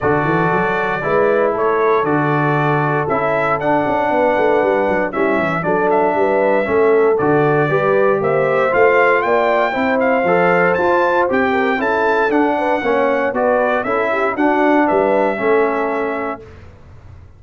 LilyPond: <<
  \new Staff \with { instrumentName = "trumpet" } { \time 4/4 \tempo 4 = 117 d''2. cis''4 | d''2 e''4 fis''4~ | fis''2 e''4 d''8 e''8~ | e''2 d''2 |
e''4 f''4 g''4. f''8~ | f''4 a''4 g''4 a''4 | fis''2 d''4 e''4 | fis''4 e''2. | }
  \new Staff \with { instrumentName = "horn" } { \time 4/4 a'2 b'4 a'4~ | a'1 | b'2 e'4 a'4 | b'4 a'2 b'4 |
c''2 d''4 c''4~ | c''2~ c''8 ais'8 a'4~ | a'8 b'8 cis''4 b'4 a'8 g'8 | fis'4 b'4 a'2 | }
  \new Staff \with { instrumentName = "trombone" } { \time 4/4 fis'2 e'2 | fis'2 e'4 d'4~ | d'2 cis'4 d'4~ | d'4 cis'4 fis'4 g'4~ |
g'4 f'2 e'4 | a'4 f'4 g'4 e'4 | d'4 cis'4 fis'4 e'4 | d'2 cis'2 | }
  \new Staff \with { instrumentName = "tuba" } { \time 4/4 d8 e8 fis4 gis4 a4 | d2 cis'4 d'8 cis'8 | b8 a8 g8 fis8 g8 e8 fis4 | g4 a4 d4 g4 |
ais4 a4 ais4 c'4 | f4 f'4 c'4 cis'4 | d'4 ais4 b4 cis'4 | d'4 g4 a2 | }
>>